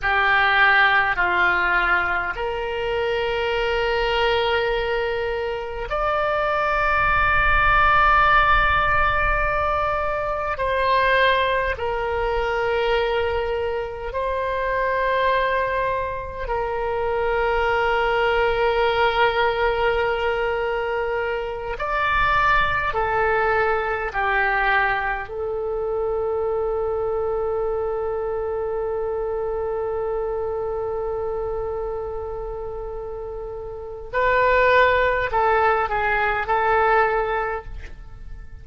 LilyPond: \new Staff \with { instrumentName = "oboe" } { \time 4/4 \tempo 4 = 51 g'4 f'4 ais'2~ | ais'4 d''2.~ | d''4 c''4 ais'2 | c''2 ais'2~ |
ais'2~ ais'8 d''4 a'8~ | a'8 g'4 a'2~ a'8~ | a'1~ | a'4 b'4 a'8 gis'8 a'4 | }